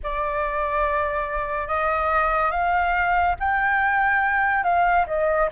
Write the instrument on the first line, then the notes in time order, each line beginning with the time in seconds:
flute
0.03 D5
1.67 D#5
2.51 F5
3.39 G5
4.63 F5
5.07 D#5